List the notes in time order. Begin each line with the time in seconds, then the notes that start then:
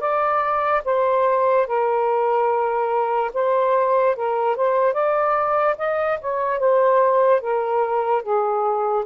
0.00 D5
0.85 C5
1.67 A#4
3.34 C5
4.16 A#4
4.56 C5
4.94 D5
5.78 D#5
6.21 C#5
6.59 C5
7.41 A#4
8.23 G#4